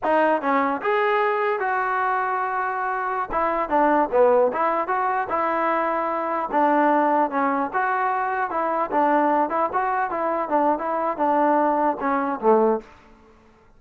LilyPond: \new Staff \with { instrumentName = "trombone" } { \time 4/4 \tempo 4 = 150 dis'4 cis'4 gis'2 | fis'1~ | fis'16 e'4 d'4 b4 e'8.~ | e'16 fis'4 e'2~ e'8.~ |
e'16 d'2 cis'4 fis'8.~ | fis'4~ fis'16 e'4 d'4. e'16~ | e'16 fis'4 e'4 d'8. e'4 | d'2 cis'4 a4 | }